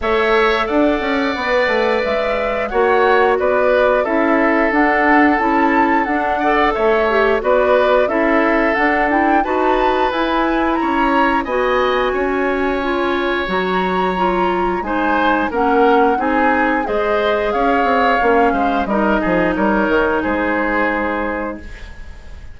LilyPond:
<<
  \new Staff \with { instrumentName = "flute" } { \time 4/4 \tempo 4 = 89 e''4 fis''2 e''4 | fis''4 d''4 e''4 fis''4 | a''4 fis''4 e''4 d''4 | e''4 fis''8 g''8 a''4 gis''4 |
ais''4 gis''2. | ais''2 gis''4 fis''4 | gis''4 dis''4 f''2 | dis''4 cis''4 c''2 | }
  \new Staff \with { instrumentName = "oboe" } { \time 4/4 cis''4 d''2. | cis''4 b'4 a'2~ | a'4. d''8 cis''4 b'4 | a'2 b'2 |
cis''4 dis''4 cis''2~ | cis''2 c''4 ais'4 | gis'4 c''4 cis''4. c''8 | ais'8 gis'8 ais'4 gis'2 | }
  \new Staff \with { instrumentName = "clarinet" } { \time 4/4 a'2 b'2 | fis'2 e'4 d'4 | e'4 d'8 a'4 g'8 fis'4 | e'4 d'8 e'8 fis'4 e'4~ |
e'4 fis'2 f'4 | fis'4 f'4 dis'4 cis'4 | dis'4 gis'2 cis'4 | dis'1 | }
  \new Staff \with { instrumentName = "bassoon" } { \time 4/4 a4 d'8 cis'8 b8 a8 gis4 | ais4 b4 cis'4 d'4 | cis'4 d'4 a4 b4 | cis'4 d'4 dis'4 e'4 |
cis'4 b4 cis'2 | fis2 gis4 ais4 | c'4 gis4 cis'8 c'8 ais8 gis8 | g8 f8 g8 dis8 gis2 | }
>>